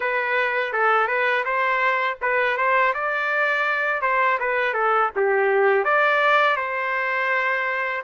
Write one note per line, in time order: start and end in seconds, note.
0.00 0.73 B4
0.73 1.07 A4
1.07 1.44 B4
1.44 2.18 C5
2.22 2.57 B4
2.57 2.93 C5
2.94 4.01 D5
4.01 4.38 C5
4.39 4.73 B4
4.73 5.10 A4
5.16 5.84 G4
5.84 6.56 D5
6.56 8.03 C5